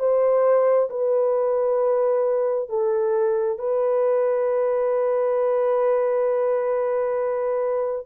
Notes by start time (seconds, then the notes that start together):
0.00 C5
0.90 B4
2.69 A4
3.59 B4